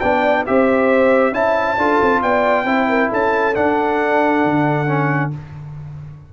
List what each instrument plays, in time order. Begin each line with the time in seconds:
0.00 tuba B3, trombone D4, horn D5, trumpet G5
0.46 tuba C4, trombone G4, horn C5, trumpet E5
1.32 tuba C#4, trombone E4, horn E5, trumpet A5
1.77 tuba D4, trombone F4, horn A4
2.02 tuba C4
2.22 tuba B3, horn D5, trumpet G5
2.65 tuba C4, trombone E4, horn C5
2.89 horn A#4
3.09 tuba C#4, horn A4, trumpet A5
3.54 trombone D4, tuba D4, trumpet F#5
4.45 tuba D3
4.86 trombone C#4